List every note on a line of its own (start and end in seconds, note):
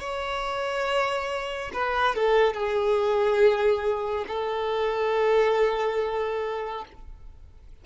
0.00 1.71 C#5
1.74 2.16 B4
2.16 2.54 A4
2.54 4.25 G#4
4.28 6.85 A4